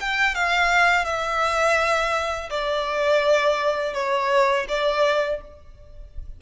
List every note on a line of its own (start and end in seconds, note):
0.00 0.35 G5
0.35 1.05 F5
1.05 2.49 E5
2.50 3.93 D5
3.93 4.66 C#5
4.68 5.41 D5